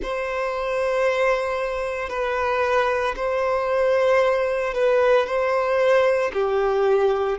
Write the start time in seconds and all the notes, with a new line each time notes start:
0.02 C5
2.09 B4
3.16 C5
4.74 B4
5.26 C5
6.33 G4